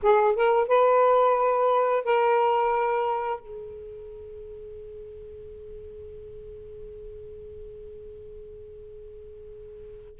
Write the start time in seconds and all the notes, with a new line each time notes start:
0.02 G#4
0.35 A#4
0.68 B4
2.04 A#4
3.39 G#4